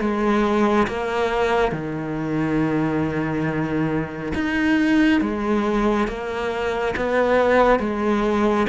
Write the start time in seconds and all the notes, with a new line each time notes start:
0.00 G#3
0.87 A#3
1.72 D#3
4.34 D#4
5.21 G#3
6.08 A#3
6.96 B3
7.79 G#3